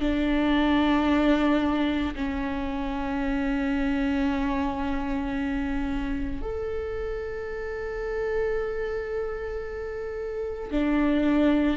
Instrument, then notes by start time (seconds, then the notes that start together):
viola
0.00 D4
2.15 C#4
6.41 A4
10.70 D4